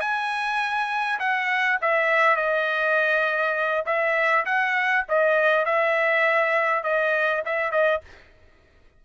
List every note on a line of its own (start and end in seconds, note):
0.00 1.19 G#5
1.19 1.78 F#5
1.81 2.36 E5
2.36 3.84 D#5
3.85 4.45 E5
4.45 5.05 F#5
5.08 5.65 D#5
5.65 6.83 E5
6.83 7.43 D#5
7.45 7.71 E5
7.71 8.01 D#5